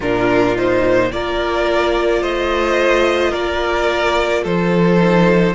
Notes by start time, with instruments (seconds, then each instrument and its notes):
0.00 cello A#2, viola D4, violin F4 A#4
0.56 viola D#4, violin C5
1.12 cello A#3, viola F4, violin A#4 D5
2.21 cello A3, violin C5 D#5
3.31 cello A#3, violin A#4 D5
4.43 cello F3, violin A4 C5
4.97 viola D#4